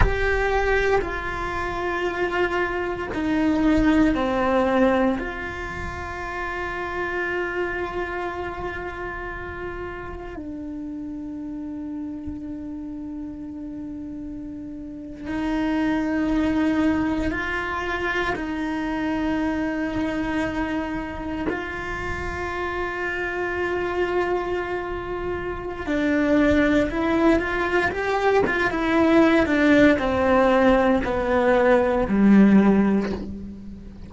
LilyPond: \new Staff \with { instrumentName = "cello" } { \time 4/4 \tempo 4 = 58 g'4 f'2 dis'4 | c'4 f'2.~ | f'2 d'2~ | d'2~ d'8. dis'4~ dis'16~ |
dis'8. f'4 dis'2~ dis'16~ | dis'8. f'2.~ f'16~ | f'4 d'4 e'8 f'8 g'8 f'16 e'16~ | e'8 d'8 c'4 b4 g4 | }